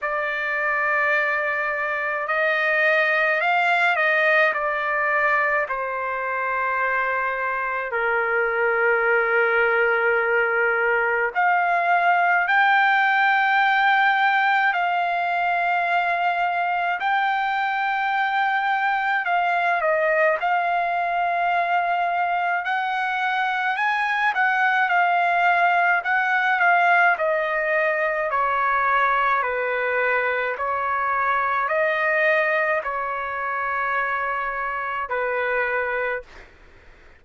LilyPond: \new Staff \with { instrumentName = "trumpet" } { \time 4/4 \tempo 4 = 53 d''2 dis''4 f''8 dis''8 | d''4 c''2 ais'4~ | ais'2 f''4 g''4~ | g''4 f''2 g''4~ |
g''4 f''8 dis''8 f''2 | fis''4 gis''8 fis''8 f''4 fis''8 f''8 | dis''4 cis''4 b'4 cis''4 | dis''4 cis''2 b'4 | }